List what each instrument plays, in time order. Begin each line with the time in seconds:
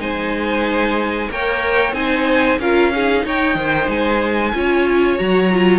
0.00 cello G#3, viola D#4, violin C5 G#5
1.32 cello A#3, viola A#4, violin C#5 G5
1.93 cello C4, viola D#4, violin C5 G#5
2.59 cello C#4, viola F4, violin A#4 F5
2.92 viola D#4, violin G#4
3.26 cello D#4, violin C#5 G5
3.56 cello D#3, violin C5
3.89 cello G#3, violin G#5
4.55 cello C#4, viola F4, violin C#5
5.19 cello F#3, viola F#4, violin A#5
5.53 viola F4